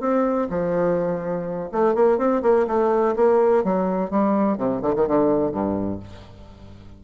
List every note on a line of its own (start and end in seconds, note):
0.00 0.48 C4
0.49 1.69 F3
1.72 1.95 A3
1.95 2.18 A#3
2.18 2.42 C4
2.43 2.67 A#3
2.67 3.15 A3
3.16 3.64 A#3
3.64 4.10 F#3
4.10 4.57 G3
4.57 4.81 C3
4.82 4.94 D3
4.95 5.07 D#3
5.07 5.52 D3
5.52 6.00 G2